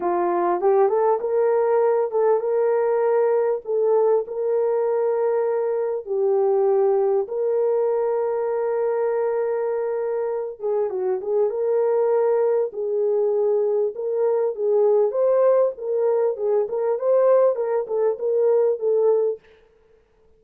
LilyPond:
\new Staff \with { instrumentName = "horn" } { \time 4/4 \tempo 4 = 99 f'4 g'8 a'8 ais'4. a'8 | ais'2 a'4 ais'4~ | ais'2 g'2 | ais'1~ |
ais'4. gis'8 fis'8 gis'8 ais'4~ | ais'4 gis'2 ais'4 | gis'4 c''4 ais'4 gis'8 ais'8 | c''4 ais'8 a'8 ais'4 a'4 | }